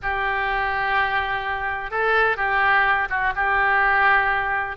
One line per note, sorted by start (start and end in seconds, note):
0.02 1.90 G4
1.90 2.37 A4
2.37 3.08 G4
3.09 3.33 F#4
3.35 4.77 G4